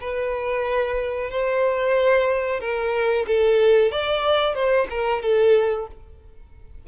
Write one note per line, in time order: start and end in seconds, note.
0.00 1.30 B4
1.30 2.60 C5
2.60 3.25 A#4
3.27 3.91 A4
3.91 4.54 D5
4.54 4.87 C5
4.90 5.22 A#4
5.22 5.87 A4